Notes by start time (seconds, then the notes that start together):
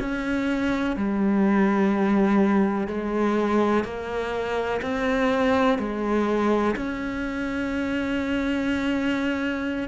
0.00 C#4
0.96 G3
2.88 G#3
3.84 A#3
4.82 C4
5.78 G#3
6.76 C#4